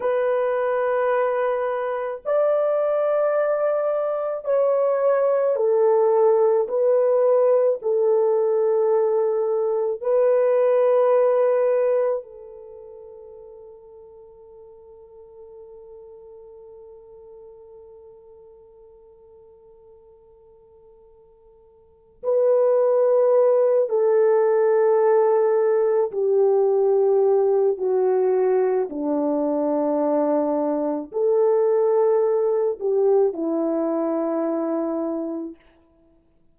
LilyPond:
\new Staff \with { instrumentName = "horn" } { \time 4/4 \tempo 4 = 54 b'2 d''2 | cis''4 a'4 b'4 a'4~ | a'4 b'2 a'4~ | a'1~ |
a'1 | b'4. a'2 g'8~ | g'4 fis'4 d'2 | a'4. g'8 e'2 | }